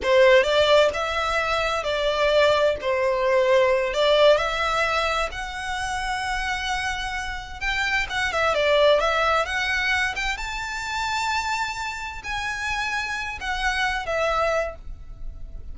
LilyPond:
\new Staff \with { instrumentName = "violin" } { \time 4/4 \tempo 4 = 130 c''4 d''4 e''2 | d''2 c''2~ | c''8 d''4 e''2 fis''8~ | fis''1~ |
fis''8 g''4 fis''8 e''8 d''4 e''8~ | e''8 fis''4. g''8 a''4.~ | a''2~ a''8 gis''4.~ | gis''4 fis''4. e''4. | }